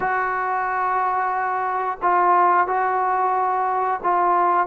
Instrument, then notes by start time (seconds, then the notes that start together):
trombone
0.00 F#4
2.02 F4
2.67 F#4
4.03 F4